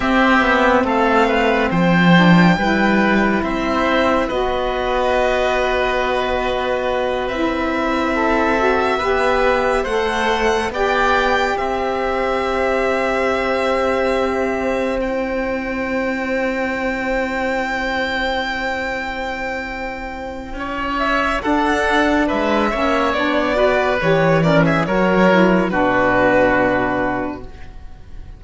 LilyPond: <<
  \new Staff \with { instrumentName = "violin" } { \time 4/4 \tempo 4 = 70 e''4 f''4 g''2 | e''4 dis''2.~ | dis''8 e''2. fis''8~ | fis''8 g''4 e''2~ e''8~ |
e''4. g''2~ g''8~ | g''1~ | g''8 e''8 fis''4 e''4 d''4 | cis''8 d''16 e''16 cis''4 b'2 | }
  \new Staff \with { instrumentName = "oboe" } { \time 4/4 g'4 a'8 b'8 c''4 b'4 | c''4 b'2.~ | b'4. a'4 b'4 c''8~ | c''8 d''4 c''2~ c''8~ |
c''1~ | c''1 | cis''4 a'4 b'8 cis''4 b'8~ | b'8 ais'16 gis'16 ais'4 fis'2 | }
  \new Staff \with { instrumentName = "saxophone" } { \time 4/4 c'2~ c'8 d'8 e'4~ | e'4 fis'2.~ | fis'8 e'4. fis'8 g'4 a'8~ | a'8 g'2.~ g'8~ |
g'4. e'2~ e'8~ | e'1~ | e'4 d'4. cis'8 d'8 fis'8 | g'8 cis'8 fis'8 e'8 d'2 | }
  \new Staff \with { instrumentName = "cello" } { \time 4/4 c'8 b8 a4 f4 g4 | c'4 b2.~ | b8 c'2 b4 a8~ | a8 b4 c'2~ c'8~ |
c'1~ | c'1 | cis'4 d'4 gis8 ais8 b4 | e4 fis4 b,2 | }
>>